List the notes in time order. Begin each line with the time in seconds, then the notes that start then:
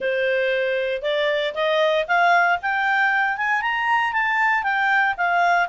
0.00 C5
1.02 D5
1.54 D#5
2.07 F5
2.61 G5
3.37 G#5
3.61 A#5
4.12 A5
4.63 G5
5.17 F5